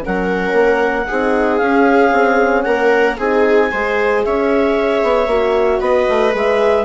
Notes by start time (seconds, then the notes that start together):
0.00 C#4 A#4 F#5
0.06 F#3
0.52 A#3
1.07 C4 D#4 G#4
1.57 C#4 F5
2.12 C4
2.62 A#3 A#4 F#5
3.18 C4 D#4 G#4 G#5
3.71 G#3 G#4 C5
4.24 C#4 C#5 E5
5.03 B3
5.27 A#3 F#4
5.80 B3 B4 D#5
6.08 A3
6.32 G#3 G#4 E5